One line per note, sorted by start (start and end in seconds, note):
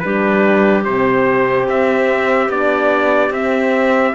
0.00 0.86 G3
0.00 0.86 D4
0.00 4.15 G4
0.00 0.82 B4
0.85 1.69 C3
0.85 2.50 C4
0.85 1.67 C5
1.69 2.49 C4
1.69 2.51 E5
2.49 3.30 B3
2.49 3.33 D4
2.49 3.33 D5
3.30 4.13 C4
3.30 4.15 C4
3.30 4.15 E5